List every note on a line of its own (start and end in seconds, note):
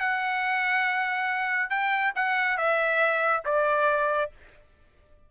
0.00 1.70 F#5
1.70 2.13 G5
2.16 2.58 F#5
2.58 3.43 E5
3.46 4.31 D5